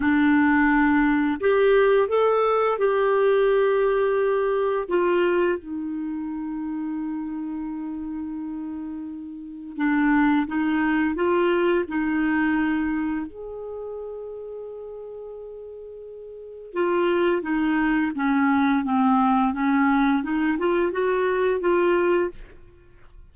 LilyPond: \new Staff \with { instrumentName = "clarinet" } { \time 4/4 \tempo 4 = 86 d'2 g'4 a'4 | g'2. f'4 | dis'1~ | dis'2 d'4 dis'4 |
f'4 dis'2 gis'4~ | gis'1 | f'4 dis'4 cis'4 c'4 | cis'4 dis'8 f'8 fis'4 f'4 | }